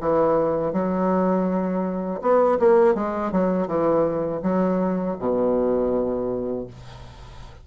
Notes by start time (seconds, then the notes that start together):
0.00 E3
0.72 F#3
2.21 B3
2.59 A#3
2.95 G#3
3.32 F#3
3.67 E3
4.43 F#3
5.19 B2